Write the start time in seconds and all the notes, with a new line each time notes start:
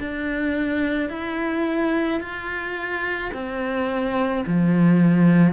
0.00 D4
1.10 E4
2.21 F4
3.33 C4
4.46 F3